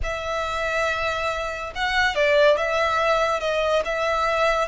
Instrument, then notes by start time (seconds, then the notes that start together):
violin
0.03 E5
1.75 F#5
2.15 D5
2.57 E5
3.40 D#5
3.84 E5